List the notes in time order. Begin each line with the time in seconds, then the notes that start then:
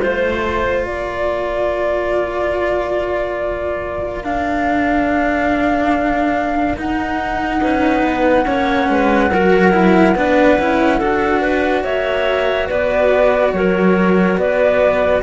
0.00 A3 F4 C5
0.84 A#3 A#4 D5
4.24 D4 F5
6.77 D#4 F#5
7.61 C#4 B4
8.03 B3
8.46 A#3 C#4 C#5
8.89 G#3 B4
9.31 F#3 F#4 A#4
9.72 E4
10.15 B3 D4 B4
10.59 C#4 E4
10.99 D4 F#4 A4
11.41 B4
11.84 A#3 C#5 E5
12.68 B3 B4 D5
13.53 F#3 A#4 C#5
14.38 B3 B4 D5